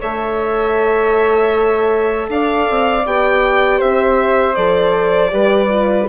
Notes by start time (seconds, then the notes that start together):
0.00 A3 A4 C#5 E5
2.29 D4 D5 F5
2.70 C4
3.05 B3 G4 G5
3.78 C4 C5 E5
4.55 F3 A4 D5
5.30 G3 G4 B4
5.69 F4